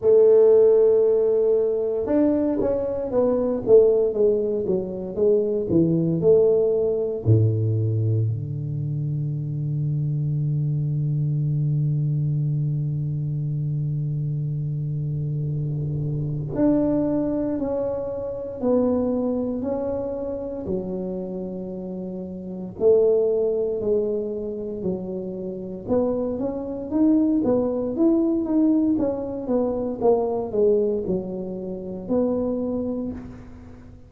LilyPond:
\new Staff \with { instrumentName = "tuba" } { \time 4/4 \tempo 4 = 58 a2 d'8 cis'8 b8 a8 | gis8 fis8 gis8 e8 a4 a,4 | d1~ | d1 |
d'4 cis'4 b4 cis'4 | fis2 a4 gis4 | fis4 b8 cis'8 dis'8 b8 e'8 dis'8 | cis'8 b8 ais8 gis8 fis4 b4 | }